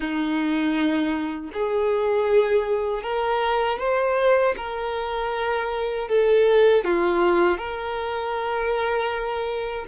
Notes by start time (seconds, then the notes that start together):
0.00 D#4
1.53 G#4
3.02 A#4
3.78 C5
4.56 A#4
6.08 A4
6.84 F4
7.57 A#4